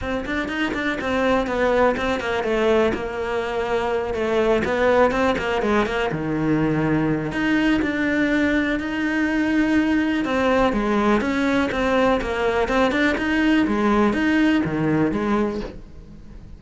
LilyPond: \new Staff \with { instrumentName = "cello" } { \time 4/4 \tempo 4 = 123 c'8 d'8 dis'8 d'8 c'4 b4 | c'8 ais8 a4 ais2~ | ais8 a4 b4 c'8 ais8 gis8 | ais8 dis2~ dis8 dis'4 |
d'2 dis'2~ | dis'4 c'4 gis4 cis'4 | c'4 ais4 c'8 d'8 dis'4 | gis4 dis'4 dis4 gis4 | }